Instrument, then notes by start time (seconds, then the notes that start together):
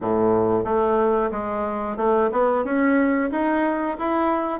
bassoon
0.01 A2
0.64 A3
1.31 G#3
1.97 A3
2.32 B3
2.64 C#4
3.31 D#4
3.98 E4